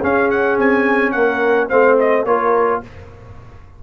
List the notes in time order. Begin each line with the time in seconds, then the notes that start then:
0.00 C#4 G#4 F5
0.30 F#5
0.59 C4 G#5
1.12 A#3 A#4 F#5
1.69 A3 C4 C5 F5
2.00 D#5
2.25 A#3 F4 A#4 C#5